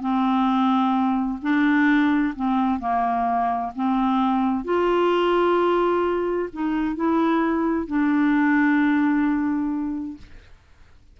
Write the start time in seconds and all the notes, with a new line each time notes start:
0.00 C4
1.41 D4
2.35 C4
2.79 A#3
3.75 C4
4.64 F4
6.52 D#4
6.95 E4
7.87 D4